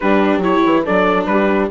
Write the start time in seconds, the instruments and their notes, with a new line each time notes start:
0.00 bassoon G3, viola D4, horn G4, trumpet B4
0.38 bassoon F#3, viola E4, trumpet C#5
0.65 bassoon E3
0.83 bassoon F#3, viola D4, horn A4, trumpet D5
1.26 bassoon G3, horn G4, trumpet B4